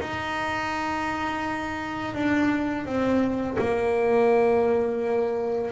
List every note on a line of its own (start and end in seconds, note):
0.00 2.14 D#4
2.14 2.85 D4
2.85 3.57 C4
3.58 5.71 A#3